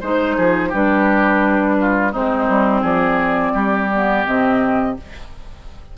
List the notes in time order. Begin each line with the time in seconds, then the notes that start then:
0.00 G#3 D#4 C5
0.36 F3 G#4
0.69 G3 D4 G4 B4
1.80 F4
2.12 G#3 C4 D#4 C5
2.48 G3
2.81 F3 G#4 D5
3.54 G3 G4
3.93 B3
4.26 C3 C4 D#5